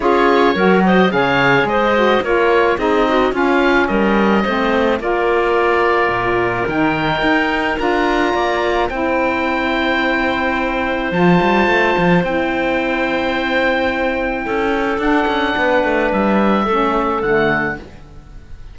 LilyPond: <<
  \new Staff \with { instrumentName = "oboe" } { \time 4/4 \tempo 4 = 108 cis''4. dis''8 f''4 dis''4 | cis''4 dis''4 f''4 dis''4~ | dis''4 d''2. | g''2 ais''2 |
g''1 | a''2 g''2~ | g''2. fis''4~ | fis''4 e''2 fis''4 | }
  \new Staff \with { instrumentName = "clarinet" } { \time 4/4 gis'4 ais'8 c''8 cis''4 c''4 | ais'4 gis'8 fis'8 f'4 ais'4 | c''4 ais'2.~ | ais'2. d''4 |
c''1~ | c''1~ | c''2 a'2 | b'2 a'2 | }
  \new Staff \with { instrumentName = "saxophone" } { \time 4/4 f'4 fis'4 gis'4. fis'8 | f'4 dis'4 cis'2 | c'4 f'2. | dis'2 f'2 |
e'1 | f'2 e'2~ | e'2. d'4~ | d'2 cis'4 a4 | }
  \new Staff \with { instrumentName = "cello" } { \time 4/4 cis'4 fis4 cis4 gis4 | ais4 c'4 cis'4 g4 | a4 ais2 ais,4 | dis4 dis'4 d'4 ais4 |
c'1 | f8 g8 a8 f8 c'2~ | c'2 cis'4 d'8 cis'8 | b8 a8 g4 a4 d4 | }
>>